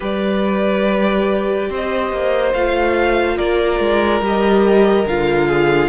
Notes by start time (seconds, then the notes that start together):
0.00 G3 G4 B4 D5
1.69 C4 C5 D#5
2.11 A#3
2.53 A3 F4 F5
3.36 A#3 A#4 D5
3.79 G#3
4.21 G3 G4 D#5
5.05 D3 F4 F5
5.48 G#4